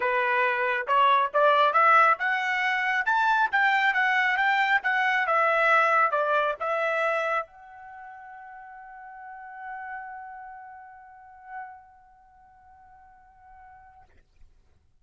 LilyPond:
\new Staff \with { instrumentName = "trumpet" } { \time 4/4 \tempo 4 = 137 b'2 cis''4 d''4 | e''4 fis''2 a''4 | g''4 fis''4 g''4 fis''4 | e''2 d''4 e''4~ |
e''4 fis''2.~ | fis''1~ | fis''1~ | fis''1 | }